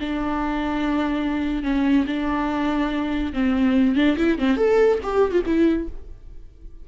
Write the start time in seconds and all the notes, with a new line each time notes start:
0.00 D4
1.63 C#4
2.07 D4
3.33 C4
3.96 D4
4.17 E4
4.39 C4
4.57 A4
5.03 G4
5.32 F4
5.46 E4